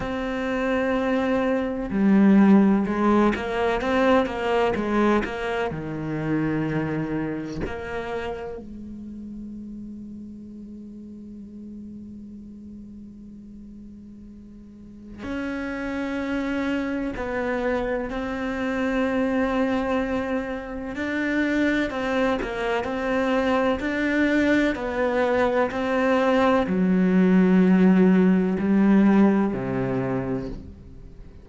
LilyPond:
\new Staff \with { instrumentName = "cello" } { \time 4/4 \tempo 4 = 63 c'2 g4 gis8 ais8 | c'8 ais8 gis8 ais8 dis2 | ais4 gis2.~ | gis1 |
cis'2 b4 c'4~ | c'2 d'4 c'8 ais8 | c'4 d'4 b4 c'4 | fis2 g4 c4 | }